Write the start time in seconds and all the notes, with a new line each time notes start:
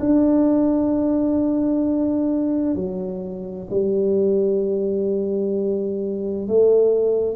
0.00 D4
2.76 F#3
3.71 G3
6.48 A3